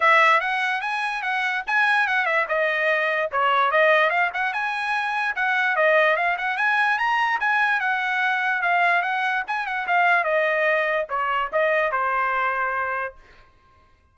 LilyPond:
\new Staff \with { instrumentName = "trumpet" } { \time 4/4 \tempo 4 = 146 e''4 fis''4 gis''4 fis''4 | gis''4 fis''8 e''8 dis''2 | cis''4 dis''4 f''8 fis''8 gis''4~ | gis''4 fis''4 dis''4 f''8 fis''8 |
gis''4 ais''4 gis''4 fis''4~ | fis''4 f''4 fis''4 gis''8 fis''8 | f''4 dis''2 cis''4 | dis''4 c''2. | }